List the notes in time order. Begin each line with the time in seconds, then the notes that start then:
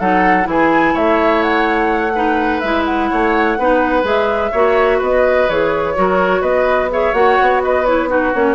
0.00 F#3 D#4 A4 F#5
0.44 E3 E4 G#4
0.52 G#5
0.94 A3 C#5 E5
1.43 F#5
2.15 D#4 B4
2.60 G#3 E4 E5
2.85 F#5
3.10 A3 C#5
3.58 B3 D#4 B4
4.03 G#3 G#4 E5
4.52 A#3 F#4 C#5
4.98 B3 B4 D#5
5.49 E3 G#4 C#5
5.95 F#3 F#4 A#4
6.41 B3 B4 D#5
6.91 G#4 C#5 E5
7.14 A#3 F#4 F#5
7.42 B3
7.63 B4 D#5
7.86 E4 C#5
8.09 D#4 F#4 B4
8.34 A#3 C#4 C#5